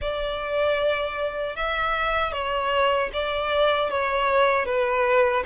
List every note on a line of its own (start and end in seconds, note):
0.01 1.55 D5
1.55 2.32 E5
2.32 3.10 C#5
3.13 3.90 D5
3.90 4.65 C#5
4.65 5.43 B4